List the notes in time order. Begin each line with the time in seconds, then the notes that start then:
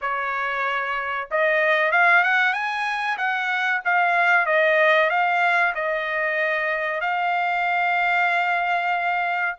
0.01 C#5
1.30 D#5
1.91 F5
2.23 F#5
2.53 G#5
3.17 F#5
3.85 F5
4.46 D#5
5.09 F5
5.74 D#5
7.00 F5